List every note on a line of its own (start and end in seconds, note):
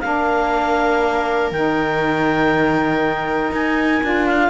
0.00 1.51 A#3
0.00 1.53 D4
0.00 4.49 A#4
0.00 1.50 F5
1.51 3.51 D#3
1.51 4.03 D#4
1.51 3.52 G5
3.52 4.02 D#4
3.52 4.26 G#5
4.03 4.49 D4
4.03 4.49 F4
4.26 4.49 F5